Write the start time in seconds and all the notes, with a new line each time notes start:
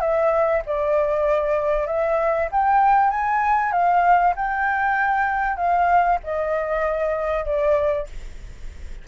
0.00 E5
0.66 D5
1.87 E5
2.52 G5
3.10 G#5
3.72 F5
4.36 G5
5.56 F5
6.23 D#5
7.45 D5